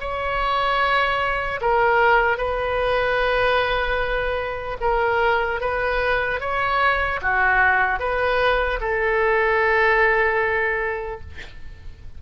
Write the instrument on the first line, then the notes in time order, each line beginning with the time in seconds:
oboe
0.00 C#5
1.61 A#4
2.37 B4
4.81 A#4
5.60 B4
6.40 C#5
7.21 F#4
7.99 B4
8.80 A4